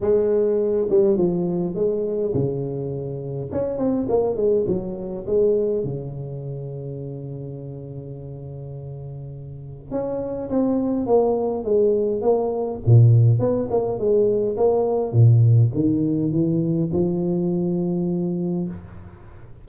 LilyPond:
\new Staff \with { instrumentName = "tuba" } { \time 4/4 \tempo 4 = 103 gis4. g8 f4 gis4 | cis2 cis'8 c'8 ais8 gis8 | fis4 gis4 cis2~ | cis1~ |
cis4 cis'4 c'4 ais4 | gis4 ais4 ais,4 b8 ais8 | gis4 ais4 ais,4 dis4 | e4 f2. | }